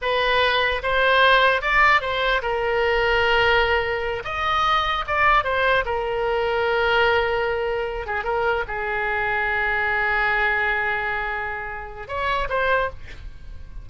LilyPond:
\new Staff \with { instrumentName = "oboe" } { \time 4/4 \tempo 4 = 149 b'2 c''2 | d''4 c''4 ais'2~ | ais'2~ ais'8 dis''4.~ | dis''8 d''4 c''4 ais'4.~ |
ais'1 | gis'8 ais'4 gis'2~ gis'8~ | gis'1~ | gis'2 cis''4 c''4 | }